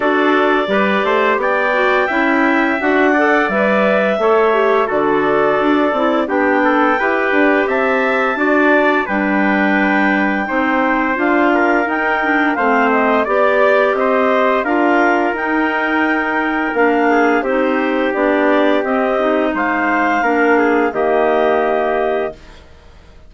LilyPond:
<<
  \new Staff \with { instrumentName = "clarinet" } { \time 4/4 \tempo 4 = 86 d''2 g''2 | fis''4 e''2 d''4~ | d''4 g''2 a''4~ | a''4 g''2. |
f''4 g''4 f''8 dis''8 d''4 | dis''4 f''4 g''2 | f''4 c''4 d''4 dis''4 | f''2 dis''2 | }
  \new Staff \with { instrumentName = "trumpet" } { \time 4/4 a'4 b'8 c''8 d''4 e''4~ | e''8 d''4. cis''4 a'4~ | a'4 g'8 a'8 b'4 e''4 | d''4 b'2 c''4~ |
c''8 ais'4. c''4 d''4 | c''4 ais'2.~ | ais'8 gis'8 g'2. | c''4 ais'8 gis'8 g'2 | }
  \new Staff \with { instrumentName = "clarinet" } { \time 4/4 fis'4 g'4. fis'8 e'4 | fis'8 a'8 b'4 a'8 g'8 fis'4~ | fis'8 e'8 d'4 g'2 | fis'4 d'2 dis'4 |
f'4 dis'8 d'8 c'4 g'4~ | g'4 f'4 dis'2 | d'4 dis'4 d'4 c'8 dis'8~ | dis'4 d'4 ais2 | }
  \new Staff \with { instrumentName = "bassoon" } { \time 4/4 d'4 g8 a8 b4 cis'4 | d'4 g4 a4 d4 | d'8 c'8 b4 e'8 d'8 c'4 | d'4 g2 c'4 |
d'4 dis'4 a4 b4 | c'4 d'4 dis'2 | ais4 c'4 b4 c'4 | gis4 ais4 dis2 | }
>>